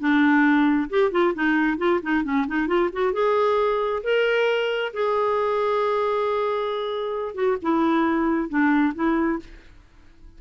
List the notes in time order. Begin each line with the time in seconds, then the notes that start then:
0.00 D4
0.90 G4
1.12 F4
1.35 D#4
1.78 F4
2.03 D#4
2.24 C#4
2.47 D#4
2.67 F4
2.93 F#4
3.13 G#4
4.03 A#4
4.93 G#4
7.35 F#4
7.62 E4
8.49 D4
8.95 E4